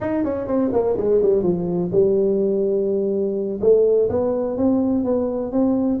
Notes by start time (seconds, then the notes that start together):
0.00 D#4
0.24 C#4
0.47 C4
0.72 A#3
0.97 G#3
1.22 G3
1.42 F3
1.92 G3
3.60 A3
4.09 B3
4.57 C4
5.04 B3
5.52 C4